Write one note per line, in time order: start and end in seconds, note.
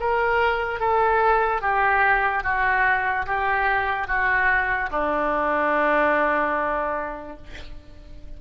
0.00 0.80 A#4
0.80 1.62 A4
1.62 2.44 G4
2.44 3.26 F#4
3.27 4.08 G4
4.08 4.90 F#4
4.91 7.37 D4